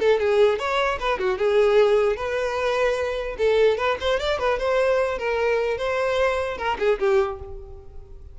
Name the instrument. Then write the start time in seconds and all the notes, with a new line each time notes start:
violin
0.00 A4
0.20 G#4
0.59 C#5
1.00 B4
1.19 F#4
1.39 G#4
2.17 B4
3.38 A4
3.78 B4
4.01 C5
4.20 D5
4.39 B4
4.59 C5
5.19 A#4
5.78 C5
6.58 A#4
6.79 G#4
7.00 G4